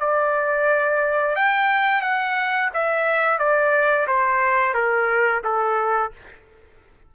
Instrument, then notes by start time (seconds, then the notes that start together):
trumpet
0.00 D5
1.36 G5
2.02 F#5
2.74 E5
3.39 D5
4.08 C5
4.74 A#4
5.45 A4